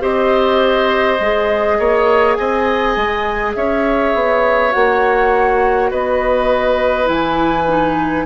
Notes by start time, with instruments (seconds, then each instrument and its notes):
0.00 bassoon C4, clarinet G4, oboe C5, flute D#5
1.20 bassoon G#3, clarinet G#4
1.78 bassoon A#3, oboe C#5
2.34 bassoon C4, oboe D#5, flute G#5
2.96 bassoon G#3
3.55 bassoon C#4, oboe C#5, flute E5
4.14 bassoon B3
4.70 bassoon A#3, clarinet F#4, flute F#5
5.90 bassoon B3, oboe B4, flute D#5
7.05 bassoon E3, clarinet E4, flute G#5
7.68 clarinet D#4